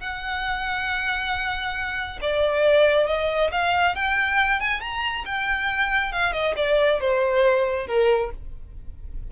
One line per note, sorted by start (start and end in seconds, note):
0.00 2.19 F#5
2.22 3.07 D5
3.07 3.51 D#5
3.52 3.95 F5
3.95 4.60 G5
4.60 4.81 G#5
4.81 5.25 A#5
5.26 6.12 G5
6.12 6.33 F5
6.33 6.55 D#5
6.57 7.00 D5
7.01 7.87 C5
7.87 8.31 A#4